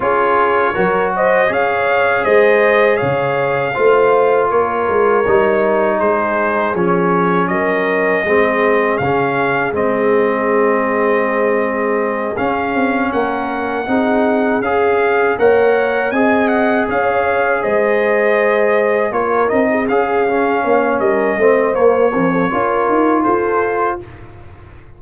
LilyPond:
<<
  \new Staff \with { instrumentName = "trumpet" } { \time 4/4 \tempo 4 = 80 cis''4. dis''8 f''4 dis''4 | f''2 cis''2 | c''4 cis''4 dis''2 | f''4 dis''2.~ |
dis''8 f''4 fis''2 f''8~ | f''8 fis''4 gis''8 fis''8 f''4 dis''8~ | dis''4. cis''8 dis''8 f''4. | dis''4 cis''2 c''4 | }
  \new Staff \with { instrumentName = "horn" } { \time 4/4 gis'4 ais'8 c''8 cis''4 c''4 | cis''4 c''4 ais'2 | gis'2 ais'4 gis'4~ | gis'1~ |
gis'4. ais'4 gis'4.~ | gis'8 cis''4 dis''4 cis''4 c''8~ | c''4. ais'8. gis'4~ gis'16 cis''8 | ais'8 c''4 ais'16 a'16 ais'4 a'4 | }
  \new Staff \with { instrumentName = "trombone" } { \time 4/4 f'4 fis'4 gis'2~ | gis'4 f'2 dis'4~ | dis'4 cis'2 c'4 | cis'4 c'2.~ |
c'8 cis'2 dis'4 gis'8~ | gis'8 ais'4 gis'2~ gis'8~ | gis'4. f'8 dis'8 gis'8 cis'4~ | cis'8 c'8 ais8 f8 f'2 | }
  \new Staff \with { instrumentName = "tuba" } { \time 4/4 cis'4 fis4 cis'4 gis4 | cis4 a4 ais8 gis8 g4 | gis4 f4 fis4 gis4 | cis4 gis2.~ |
gis8 cis'8 c'8 ais4 c'4 cis'8~ | cis'8 ais4 c'4 cis'4 gis8~ | gis4. ais8 c'8 cis'4 ais8 | g8 a8 ais8 c'8 cis'8 dis'8 f'4 | }
>>